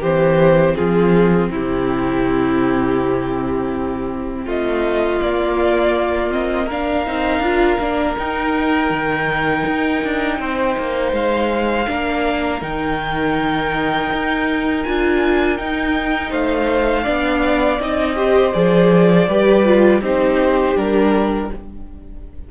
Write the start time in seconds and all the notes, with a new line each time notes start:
0.00 E3 C4 G4 C5
0.75 F3 F4 G#4
1.50 C3 E4 G4
4.45 A3 F4 D#5
5.20 A#3 D5
6.31 C4 D#5
6.66 D4 A#4 F5
7.06 C4 D#4
7.39 D4 F4
7.79 A#3 D4
8.18 D#4 G5
8.90 D#3
9.66 D#4
10.04 D4
10.39 C4 C5
10.78 A#3
11.12 G#3 F5
11.86 A#3 D4 A#4
12.61 D#3 D#4 G5
14.12 D#4
14.84 D4 F4 G#5
15.57 D#4 G5
16.30 A3 C5 F5
17.03 B3 D4 D5
17.79 C4 D#4 D#5
18.15 G4 C5
18.53 F3 G#4 D5
19.27 G3 G4 B4
19.65 F4
20.01 C4 D#4 G4 C5
20.76 G3 D4 A#4